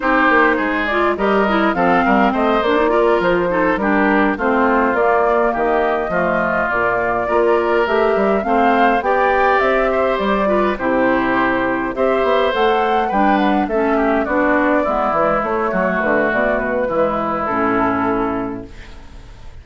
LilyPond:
<<
  \new Staff \with { instrumentName = "flute" } { \time 4/4 \tempo 4 = 103 c''4. d''8 dis''4 f''4 | dis''8 d''4 c''4 ais'4 c''8~ | c''8 d''4 dis''2 d''8~ | d''4. e''4 f''4 g''8~ |
g''8 e''4 d''4 c''4.~ | c''8 e''4 fis''4 g''8 fis''8 e''8~ | e''8 d''2 cis''4 b'8 | d''8 b'4. a'2 | }
  \new Staff \with { instrumentName = "oboe" } { \time 4/4 g'4 gis'4 ais'4 a'8 ais'8 | c''4 ais'4 a'8 g'4 f'8~ | f'4. g'4 f'4.~ | f'8 ais'2 c''4 d''8~ |
d''4 c''4 b'8 g'4.~ | g'8 c''2 b'4 a'8 | g'8 fis'4 e'4. fis'4~ | fis'4 e'2. | }
  \new Staff \with { instrumentName = "clarinet" } { \time 4/4 dis'4. f'8 g'8 e'8 c'4~ | c'8 d'16 dis'16 f'4 dis'8 d'4 c'8~ | c'8 ais2 a4 ais8~ | ais8 f'4 g'4 c'4 g'8~ |
g'2 f'8 e'4.~ | e'8 g'4 a'4 d'4 cis'8~ | cis'8 d'4 b8 gis8 a4.~ | a4 gis4 cis'2 | }
  \new Staff \with { instrumentName = "bassoon" } { \time 4/4 c'8 ais8 gis4 g4 f8 g8 | a8 ais4 f4 g4 a8~ | a8 ais4 dis4 f4 ais,8~ | ais,8 ais4 a8 g8 a4 b8~ |
b8 c'4 g4 c4.~ | c8 c'8 b8 a4 g4 a8~ | a8 b4 gis8 e8 a8 fis8 d8 | b,4 e4 a,2 | }
>>